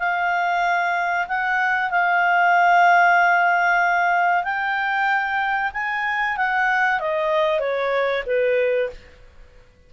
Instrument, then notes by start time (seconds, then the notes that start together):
clarinet
0.00 F5
1.28 F#5
1.91 F5
4.44 G5
5.74 G#5
6.38 F#5
7.00 D#5
7.60 C#5
8.27 B4